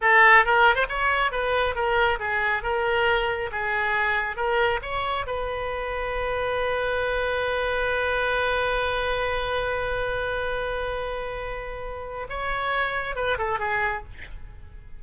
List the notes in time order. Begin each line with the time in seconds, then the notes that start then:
0.01 A4
0.45 A#4
0.75 C5
0.89 C#5
1.31 B4
1.75 A#4
2.19 G#4
2.62 A#4
3.51 G#4
4.36 A#4
4.82 C#5
5.26 B4
12.29 C#5
13.15 B4
13.38 A4
13.59 G#4